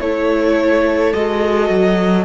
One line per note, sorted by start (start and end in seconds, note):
0.00 1.13 A3
0.00 1.14 E4
0.00 2.25 A4
0.00 1.13 C#5
1.13 1.69 G#3
1.13 2.25 F#4
1.13 2.25 D#5
1.69 2.25 F#3